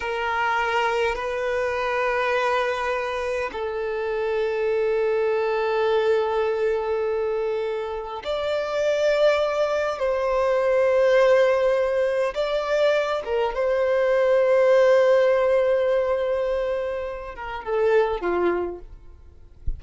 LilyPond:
\new Staff \with { instrumentName = "violin" } { \time 4/4 \tempo 4 = 102 ais'2 b'2~ | b'2 a'2~ | a'1~ | a'2 d''2~ |
d''4 c''2.~ | c''4 d''4. ais'8 c''4~ | c''1~ | c''4. ais'8 a'4 f'4 | }